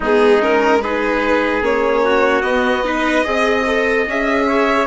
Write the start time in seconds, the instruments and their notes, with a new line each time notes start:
0.00 bassoon G#3, viola B3, trumpet D#4, violin G#4
0.40 viola C#4, violin A#4
0.81 viola D#4, trumpet G#4, violin B4
1.61 bassoon A#3, viola C#4, violin C#5
2.04 trumpet F#4
2.42 viola B3, bassoon B3, violin D#5
2.83 viola D#4, trumpet B4
3.23 bassoon C4, viola G#4, trumpet D#5
3.67 viola A4
4.06 bassoon C#4, viola G#4, violin E5
4.47 trumpet C#5